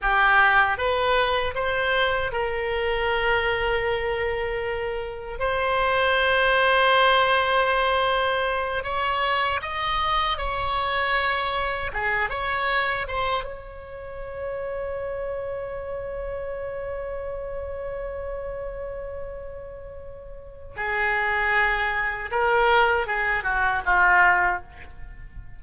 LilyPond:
\new Staff \with { instrumentName = "oboe" } { \time 4/4 \tempo 4 = 78 g'4 b'4 c''4 ais'4~ | ais'2. c''4~ | c''2.~ c''8 cis''8~ | cis''8 dis''4 cis''2 gis'8 |
cis''4 c''8 cis''2~ cis''8~ | cis''1~ | cis''2. gis'4~ | gis'4 ais'4 gis'8 fis'8 f'4 | }